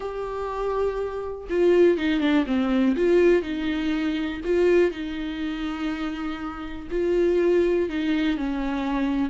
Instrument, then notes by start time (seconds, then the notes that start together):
viola
0.00 G4
1.49 F4
1.97 D#4
2.20 D4
2.46 C4
2.96 F4
3.42 D#4
4.44 F4
4.91 D#4
6.90 F4
7.89 D#4
8.37 C#4